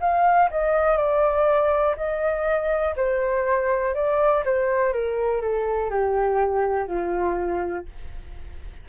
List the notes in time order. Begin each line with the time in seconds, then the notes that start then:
0.00 F5
0.51 D#5
0.97 D5
1.97 D#5
2.96 C5
3.95 D5
4.45 C5
4.93 A#4
5.41 A4
5.90 G4
6.87 F4